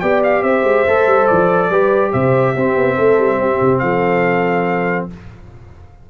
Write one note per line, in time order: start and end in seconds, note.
0.00 0.42 B3
0.00 0.86 G4
0.00 0.43 D5
0.00 0.21 G5
0.23 0.42 F5
0.42 0.63 C4
0.42 1.70 C5
0.42 1.26 E5
0.63 0.84 G#3
0.86 1.06 A3
0.86 1.71 A4
1.06 1.27 G3
1.26 1.70 F3
1.26 2.11 D5
1.70 2.12 G3
1.70 2.56 G4
1.70 2.12 B4
2.12 2.55 C3
2.12 2.53 C5
2.12 3.78 E5
2.53 2.75 C4
2.53 5.10 C4
2.53 2.95 G4
2.75 2.96 B3
2.95 3.18 A3
2.95 3.37 A4
3.18 3.39 G3
3.39 3.60 C4
3.39 3.82 G4
3.61 3.82 C3
3.78 5.08 F3
3.78 5.08 A4
3.78 5.05 F5